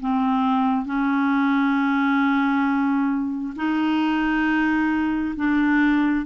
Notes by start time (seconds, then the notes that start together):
0.00 C4
0.85 C#4
3.55 D#4
5.36 D4